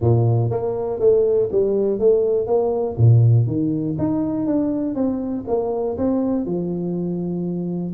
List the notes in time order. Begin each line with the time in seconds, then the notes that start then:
0.00 A#2
0.50 A#3
0.99 A3
1.51 G3
1.99 A3
2.47 A#3
2.97 A#2
3.47 D#3
3.98 D#4
4.46 D4
4.95 C4
5.47 A#3
5.97 C4
6.45 F3